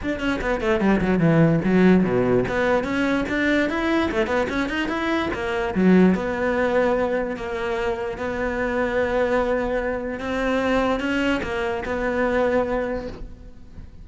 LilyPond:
\new Staff \with { instrumentName = "cello" } { \time 4/4 \tempo 4 = 147 d'8 cis'8 b8 a8 g8 fis8 e4 | fis4 b,4 b4 cis'4 | d'4 e'4 a8 b8 cis'8 dis'8 | e'4 ais4 fis4 b4~ |
b2 ais2 | b1~ | b4 c'2 cis'4 | ais4 b2. | }